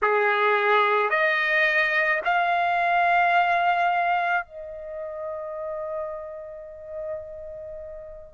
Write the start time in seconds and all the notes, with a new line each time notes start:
0.02 G#4
1.10 D#5
2.24 F5
4.45 D#5